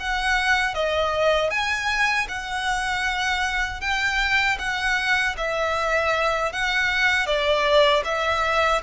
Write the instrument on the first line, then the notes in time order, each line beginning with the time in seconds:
violin
0.00 F#5
0.74 D#5
1.50 G#5
2.28 F#5
3.81 G5
4.59 F#5
5.37 E5
6.52 F#5
7.27 D5
8.05 E5